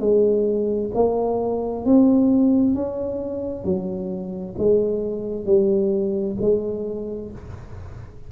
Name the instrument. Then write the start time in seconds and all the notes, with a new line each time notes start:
tuba
0.00 G#3
0.94 A#3
1.85 C4
2.75 C#4
3.64 F#3
4.58 G#3
5.45 G3
6.40 G#3